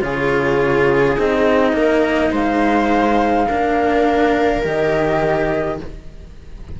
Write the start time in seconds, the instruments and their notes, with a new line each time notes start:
0.00 cello C#3 F4, viola G#4, flute C#5
1.15 cello C4 D#4, flute D#5
1.72 cello A#3, viola A#4
2.31 cello G#3, viola C5, flute F5
3.48 cello A#3 D4, viola A#4
4.62 cello D#3 G4, flute D#5